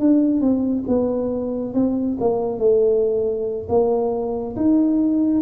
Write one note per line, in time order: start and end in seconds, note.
0.00 0.41 D4
0.41 0.85 C4
0.88 1.74 B3
1.74 2.18 C4
2.21 2.59 A#3
2.59 3.68 A3
3.69 4.56 A#3
4.57 5.42 D#4